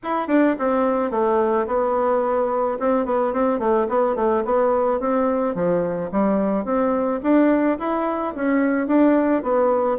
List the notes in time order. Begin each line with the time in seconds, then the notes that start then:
0.03 E4
0.27 D4
0.58 C4
1.10 A3
1.67 B3
2.79 C4
3.05 B3
3.33 C4
3.59 A3
3.88 B3
4.15 A3
4.44 B3
5.00 C4
5.55 F3
6.11 G3
6.64 C4
7.22 D4
7.79 E4
8.35 C#4
8.87 D4
9.42 B3